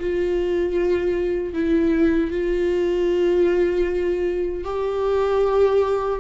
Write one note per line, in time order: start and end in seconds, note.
0.00 1.54 F4
1.54 2.31 E4
2.31 4.64 F4
4.64 6.20 G4